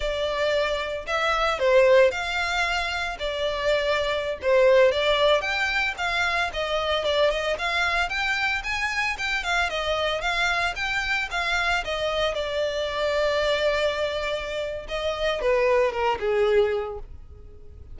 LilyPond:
\new Staff \with { instrumentName = "violin" } { \time 4/4 \tempo 4 = 113 d''2 e''4 c''4 | f''2 d''2~ | d''16 c''4 d''4 g''4 f''8.~ | f''16 dis''4 d''8 dis''8 f''4 g''8.~ |
g''16 gis''4 g''8 f''8 dis''4 f''8.~ | f''16 g''4 f''4 dis''4 d''8.~ | d''1 | dis''4 b'4 ais'8 gis'4. | }